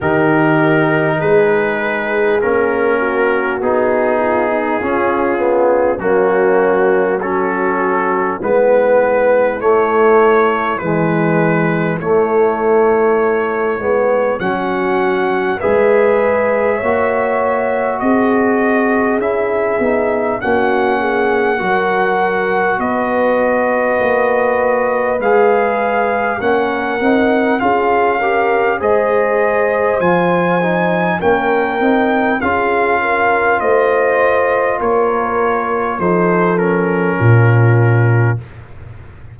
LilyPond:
<<
  \new Staff \with { instrumentName = "trumpet" } { \time 4/4 \tempo 4 = 50 ais'4 b'4 ais'4 gis'4~ | gis'4 fis'4 a'4 b'4 | cis''4 b'4 cis''2 | fis''4 e''2 dis''4 |
e''4 fis''2 dis''4~ | dis''4 f''4 fis''4 f''4 | dis''4 gis''4 g''4 f''4 | dis''4 cis''4 c''8 ais'4. | }
  \new Staff \with { instrumentName = "horn" } { \time 4/4 g'4 gis'4. fis'4 f'16 dis'16 | f'4 cis'4 fis'4 e'4~ | e'1 | fis'4 b'4 cis''4 gis'4~ |
gis'4 fis'8 gis'8 ais'4 b'4~ | b'2 ais'4 gis'8 ais'8 | c''2 ais'4 gis'8 ais'8 | c''4 ais'4 a'4 f'4 | }
  \new Staff \with { instrumentName = "trombone" } { \time 4/4 dis'2 cis'4 dis'4 | cis'8 b8 ais4 cis'4 b4 | a4 gis4 a4. b8 | cis'4 gis'4 fis'2 |
e'8 dis'8 cis'4 fis'2~ | fis'4 gis'4 cis'8 dis'8 f'8 g'8 | gis'4 f'8 dis'8 cis'8 dis'8 f'4~ | f'2 dis'8 cis'4. | }
  \new Staff \with { instrumentName = "tuba" } { \time 4/4 dis4 gis4 ais4 b4 | cis'4 fis2 gis4 | a4 e4 a4. gis8 | fis4 gis4 ais4 c'4 |
cis'8 b8 ais4 fis4 b4 | ais4 gis4 ais8 c'8 cis'4 | gis4 f4 ais8 c'8 cis'4 | a4 ais4 f4 ais,4 | }
>>